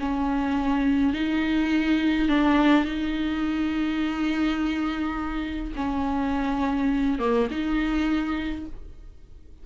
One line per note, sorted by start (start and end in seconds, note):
0.00 1.14 C#4
1.14 2.29 D#4
2.29 2.85 D4
2.85 5.74 D#4
5.76 7.19 C#4
7.19 7.48 A#3
7.51 8.66 D#4